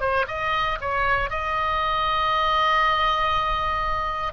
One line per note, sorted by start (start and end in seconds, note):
0.00 0.25 C5
0.27 0.78 D#5
0.81 1.29 C#5
1.29 4.33 D#5